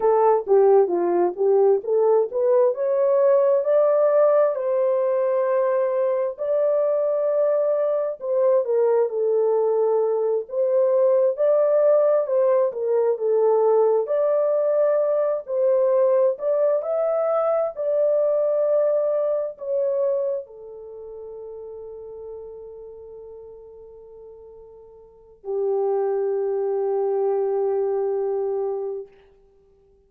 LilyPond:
\new Staff \with { instrumentName = "horn" } { \time 4/4 \tempo 4 = 66 a'8 g'8 f'8 g'8 a'8 b'8 cis''4 | d''4 c''2 d''4~ | d''4 c''8 ais'8 a'4. c''8~ | c''8 d''4 c''8 ais'8 a'4 d''8~ |
d''4 c''4 d''8 e''4 d''8~ | d''4. cis''4 a'4.~ | a'1 | g'1 | }